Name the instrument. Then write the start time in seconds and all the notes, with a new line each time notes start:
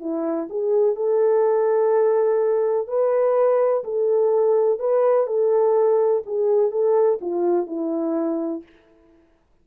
horn
0.00 E4
0.49 G#4
0.95 A4
2.87 B4
3.84 A4
4.79 B4
5.27 A4
6.26 G#4
6.71 A4
7.21 F4
7.66 E4